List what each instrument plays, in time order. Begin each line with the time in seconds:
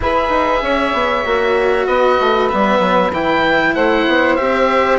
0.00 bassoon E4, cello G#4, saxophone B4, oboe E5
0.29 bassoon D#4
0.62 bassoon C#4, saxophone C#5
0.93 bassoon B3
1.25 bassoon A#3, cello F#4
1.86 bassoon B3, saxophone B4, oboe D#5
2.20 bassoon A3
2.48 bassoon G3, cello B3, oboe E5
2.79 bassoon F#3
3.11 bassoon E3, cello E4, oboe G5
3.74 bassoon A3, saxophone C5, oboe F#5
4.07 bassoon B3
4.35 bassoon C4, cello G4, oboe E5